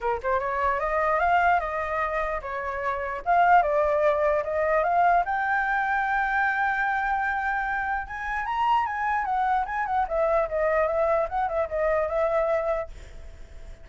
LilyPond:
\new Staff \with { instrumentName = "flute" } { \time 4/4 \tempo 4 = 149 ais'8 c''8 cis''4 dis''4 f''4 | dis''2 cis''2 | f''4 d''2 dis''4 | f''4 g''2.~ |
g''1 | gis''4 ais''4 gis''4 fis''4 | gis''8 fis''8 e''4 dis''4 e''4 | fis''8 e''8 dis''4 e''2 | }